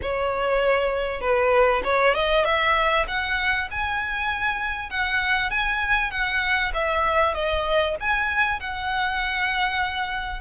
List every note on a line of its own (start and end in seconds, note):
0.02 1.20 C#5
1.20 1.81 B4
1.84 2.14 C#5
2.14 2.45 D#5
2.45 3.06 E5
3.07 3.68 F#5
3.70 4.90 G#5
4.90 5.50 F#5
5.50 6.11 G#5
6.11 6.72 F#5
6.73 7.34 E5
7.34 7.95 D#5
8.00 8.60 G#5
8.60 10.41 F#5